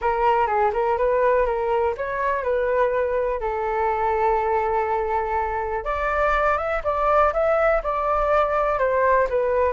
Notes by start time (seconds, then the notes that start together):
0.01 A#4
0.46 G#4
0.73 A#4
0.97 B4
1.46 A#4
1.97 C#5
2.43 B4
3.40 A4
5.84 D5
6.57 E5
6.84 D5
7.33 E5
7.83 D5
8.78 C5
9.29 B4